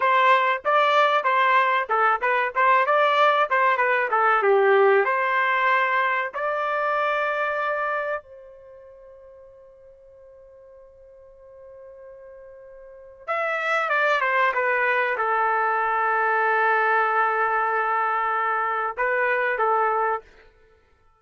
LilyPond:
\new Staff \with { instrumentName = "trumpet" } { \time 4/4 \tempo 4 = 95 c''4 d''4 c''4 a'8 b'8 | c''8 d''4 c''8 b'8 a'8 g'4 | c''2 d''2~ | d''4 c''2.~ |
c''1~ | c''4 e''4 d''8 c''8 b'4 | a'1~ | a'2 b'4 a'4 | }